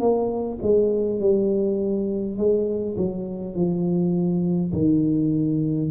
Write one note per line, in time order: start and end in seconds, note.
0.00 0.59 A#3
0.63 1.20 G#3
1.20 2.38 G3
2.38 2.97 G#3
2.97 3.56 F#3
3.56 4.73 F3
4.73 5.91 D#3